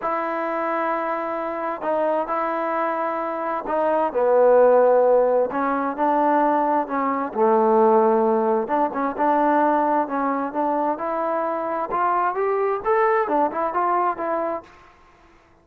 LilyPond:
\new Staff \with { instrumentName = "trombone" } { \time 4/4 \tempo 4 = 131 e'1 | dis'4 e'2. | dis'4 b2. | cis'4 d'2 cis'4 |
a2. d'8 cis'8 | d'2 cis'4 d'4 | e'2 f'4 g'4 | a'4 d'8 e'8 f'4 e'4 | }